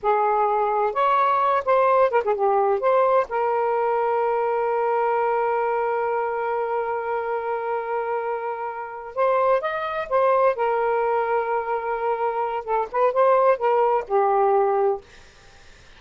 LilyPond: \new Staff \with { instrumentName = "saxophone" } { \time 4/4 \tempo 4 = 128 gis'2 cis''4. c''8~ | c''8 ais'16 gis'16 g'4 c''4 ais'4~ | ais'1~ | ais'1~ |
ais'2.~ ais'8 c''8~ | c''8 dis''4 c''4 ais'4.~ | ais'2. a'8 b'8 | c''4 ais'4 g'2 | }